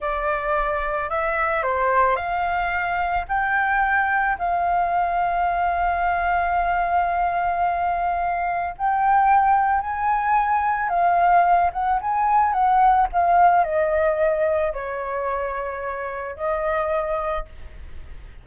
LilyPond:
\new Staff \with { instrumentName = "flute" } { \time 4/4 \tempo 4 = 110 d''2 e''4 c''4 | f''2 g''2 | f''1~ | f''1 |
g''2 gis''2 | f''4. fis''8 gis''4 fis''4 | f''4 dis''2 cis''4~ | cis''2 dis''2 | }